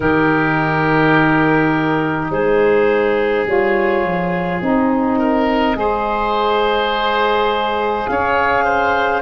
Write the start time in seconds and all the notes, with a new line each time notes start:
0.00 D#3 D#4 G4 A#4
2.29 G#3 G#4 C5
3.45 G3 F4 C#5
4.03 F3
4.61 C4 D#4 D#5
5.18 A#4
5.75 G#3 G#4 C5
8.06 C#4 C#5 F5
8.64 C5